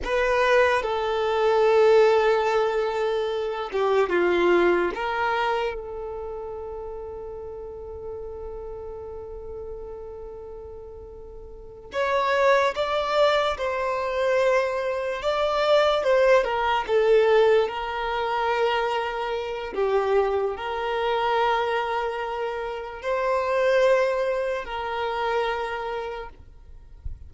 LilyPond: \new Staff \with { instrumentName = "violin" } { \time 4/4 \tempo 4 = 73 b'4 a'2.~ | a'8 g'8 f'4 ais'4 a'4~ | a'1~ | a'2~ a'8 cis''4 d''8~ |
d''8 c''2 d''4 c''8 | ais'8 a'4 ais'2~ ais'8 | g'4 ais'2. | c''2 ais'2 | }